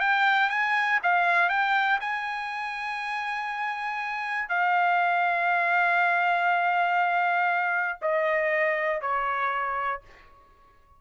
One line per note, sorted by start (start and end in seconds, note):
0.00 0.50 G5
0.50 1.00 G#5
1.03 1.49 F5
1.49 1.99 G5
2.00 4.49 G#5
4.49 7.99 F5
8.02 9.01 D#5
9.01 10.01 C#5